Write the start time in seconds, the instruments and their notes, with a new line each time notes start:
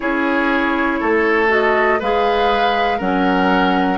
0.00 bassoon C#4, clarinet E4, oboe G#4, flute C#5
1.00 bassoon A3, oboe A4
1.48 clarinet F#4, flute D#5
1.99 bassoon G#3, clarinet G#4, oboe B4, flute F5
2.98 bassoon F#3, clarinet C#4, oboe A#4, flute F#5